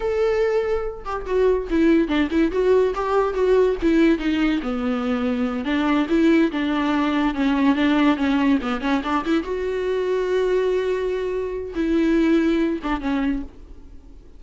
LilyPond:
\new Staff \with { instrumentName = "viola" } { \time 4/4 \tempo 4 = 143 a'2~ a'8 g'8 fis'4 | e'4 d'8 e'8 fis'4 g'4 | fis'4 e'4 dis'4 b4~ | b4. d'4 e'4 d'8~ |
d'4. cis'4 d'4 cis'8~ | cis'8 b8 cis'8 d'8 e'8 fis'4.~ | fis'1 | e'2~ e'8 d'8 cis'4 | }